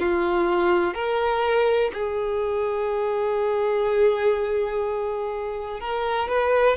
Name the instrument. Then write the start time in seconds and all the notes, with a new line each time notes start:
violin
0.00 F4
0.95 A#4
1.94 G#4
5.81 A#4
6.29 B4